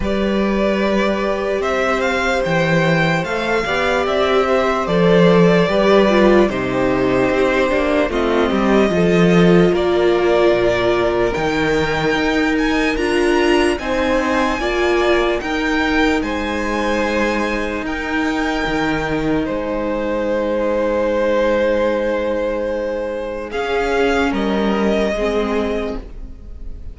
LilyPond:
<<
  \new Staff \with { instrumentName = "violin" } { \time 4/4 \tempo 4 = 74 d''2 e''8 f''8 g''4 | f''4 e''4 d''2 | c''2 dis''2 | d''2 g''4. gis''8 |
ais''4 gis''2 g''4 | gis''2 g''2 | gis''1~ | gis''4 f''4 dis''2 | }
  \new Staff \with { instrumentName = "violin" } { \time 4/4 b'2 c''2~ | c''8 d''4 c''4. b'4 | g'2 f'8 g'8 a'4 | ais'1~ |
ais'4 c''4 d''4 ais'4 | c''2 ais'2 | c''1~ | c''4 gis'4 ais'4 gis'4 | }
  \new Staff \with { instrumentName = "viola" } { \time 4/4 g'1 | a'8 g'4. a'4 g'8 f'8 | dis'4. d'8 c'4 f'4~ | f'2 dis'2 |
f'4 dis'4 f'4 dis'4~ | dis'1~ | dis'1~ | dis'4 cis'2 c'4 | }
  \new Staff \with { instrumentName = "cello" } { \time 4/4 g2 c'4 e4 | a8 b8 c'4 f4 g4 | c4 c'8 ais8 a8 g8 f4 | ais4 ais,4 dis4 dis'4 |
d'4 c'4 ais4 dis'4 | gis2 dis'4 dis4 | gis1~ | gis4 cis'4 g4 gis4 | }
>>